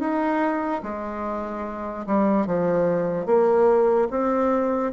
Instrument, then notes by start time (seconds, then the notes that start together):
bassoon
0.00 D#4
0.83 G#3
2.07 G3
2.47 F3
3.27 A#3
4.11 C4